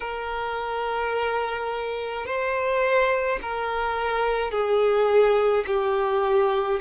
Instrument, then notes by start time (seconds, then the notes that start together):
violin
0.00 A#4
2.26 C5
3.42 A#4
4.51 G#4
5.66 G4